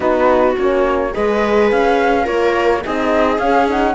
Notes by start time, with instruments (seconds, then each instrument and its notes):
0.00 cello B3, horn D#4, viola F#4, flute B4
0.58 cello A#3, horn C#4, flute C#5
1.11 cello G#3, horn G#4, viola B4, flute D#5
1.70 cello C#4, flute F5
2.23 cello A#3, horn F4, viola A#4, flute C#5
2.83 cello C4, horn D#4, viola G#4, flute D#5
3.38 cello C#4, horn C#4, flute F5
3.67 horn D#4, flute F#5